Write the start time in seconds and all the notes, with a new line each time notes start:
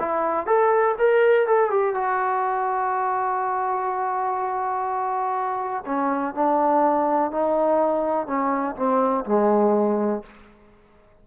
0.00 E4
0.47 A4
0.99 A#4
1.47 A4
1.70 G4
1.94 F#4
5.86 C#4
6.35 D4
7.31 D#4
8.27 C#4
8.76 C4
9.25 G#3